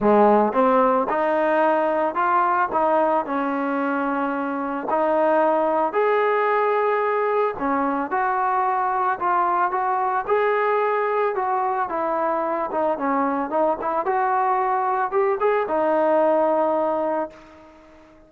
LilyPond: \new Staff \with { instrumentName = "trombone" } { \time 4/4 \tempo 4 = 111 gis4 c'4 dis'2 | f'4 dis'4 cis'2~ | cis'4 dis'2 gis'4~ | gis'2 cis'4 fis'4~ |
fis'4 f'4 fis'4 gis'4~ | gis'4 fis'4 e'4. dis'8 | cis'4 dis'8 e'8 fis'2 | g'8 gis'8 dis'2. | }